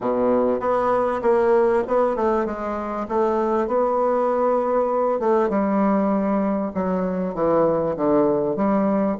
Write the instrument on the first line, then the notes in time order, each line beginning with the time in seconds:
bassoon
0.00 B2
0.60 B3
1.22 A#3
1.87 B3
2.16 A3
2.45 G#3
3.08 A3
3.67 B3
5.19 A3
5.49 G3
6.74 F#3
7.34 E3
7.96 D3
8.55 G3